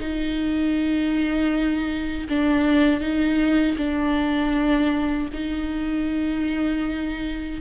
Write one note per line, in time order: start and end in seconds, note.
0.00 2.28 D#4
2.29 3.00 D4
3.00 3.76 D#4
3.77 5.29 D4
5.33 7.61 D#4